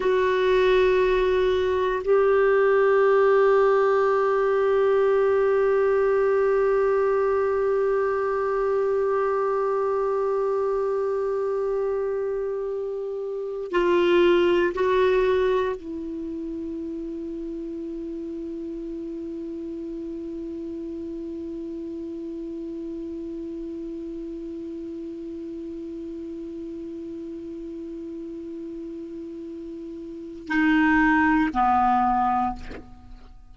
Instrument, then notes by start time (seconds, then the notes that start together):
clarinet
0.00 F#4
2.03 G4
13.71 F4
14.74 F#4
15.76 E4
30.48 D#4
31.53 B3